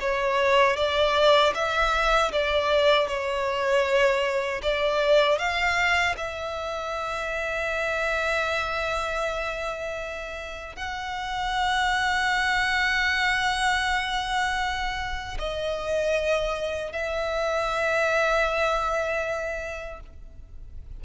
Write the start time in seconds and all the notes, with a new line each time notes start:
0.00 C#5
0.77 D5
1.55 E5
2.32 D5
3.08 C#5
4.63 D5
5.38 F5
6.17 E5
10.76 F#5
15.39 D#5
16.92 E5